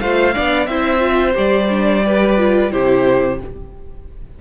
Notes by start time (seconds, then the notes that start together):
0.00 A3 F4 C5 F5
0.34 B3 D4 D5
0.66 C4 E4 C5 E5
0.99 F4
1.34 G3 G4 D5
1.70 D4
2.04 G4 B4
2.37 F4
2.71 C3 E4 G4 C5